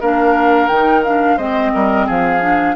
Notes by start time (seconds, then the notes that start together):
0.00 A#3 D4 A#4 F5
0.67 D#3 D#4 G5
1.03 D4 F5
1.36 G#3 C4 C5 D#5
1.73 G3 A#4
2.06 F3 G#4 F5
2.41 D4